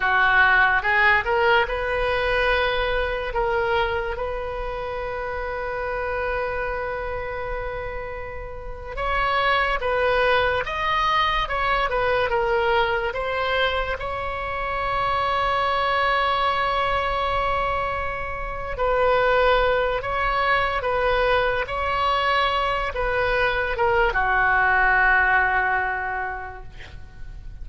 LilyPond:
\new Staff \with { instrumentName = "oboe" } { \time 4/4 \tempo 4 = 72 fis'4 gis'8 ais'8 b'2 | ais'4 b'2.~ | b'2~ b'8. cis''4 b'16~ | b'8. dis''4 cis''8 b'8 ais'4 c''16~ |
c''8. cis''2.~ cis''16~ | cis''2~ cis''8 b'4. | cis''4 b'4 cis''4. b'8~ | b'8 ais'8 fis'2. | }